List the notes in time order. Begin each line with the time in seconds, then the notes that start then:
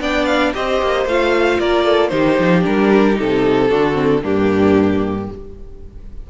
0.00 B3 D4 D5 G5
0.25 F5
0.54 C4 G4 C5 D#5
0.81 A#3
1.05 A3 F4 F5
1.60 A#3 A#4 D5
1.85 A4
2.08 D#3 D#4 G4 C5
2.39 F3
2.62 G3 D4 A#4
3.14 C3 D#4 A4
3.69 D3 D4 F#4
3.93 C4
4.21 G2 A#3 D4 G4